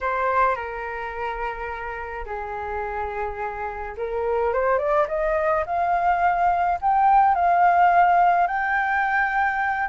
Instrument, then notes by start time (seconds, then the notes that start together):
flute
0.01 C5
0.55 A#4
2.25 G#4
3.97 A#4
4.53 C5
4.78 D5
5.08 D#5
5.66 F5
6.81 G5
7.35 F5
8.47 G5